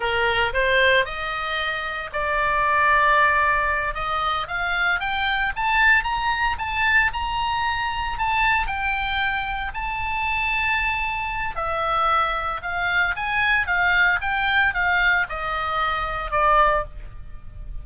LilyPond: \new Staff \with { instrumentName = "oboe" } { \time 4/4 \tempo 4 = 114 ais'4 c''4 dis''2 | d''2.~ d''8 dis''8~ | dis''8 f''4 g''4 a''4 ais''8~ | ais''8 a''4 ais''2 a''8~ |
a''8 g''2 a''4.~ | a''2 e''2 | f''4 gis''4 f''4 g''4 | f''4 dis''2 d''4 | }